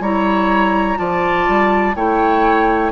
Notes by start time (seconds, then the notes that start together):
0.00 G3 E4 C#5 A#5
0.96 F3 F4 D5 A5
1.48 G3
1.95 A3 E4 C#5 G5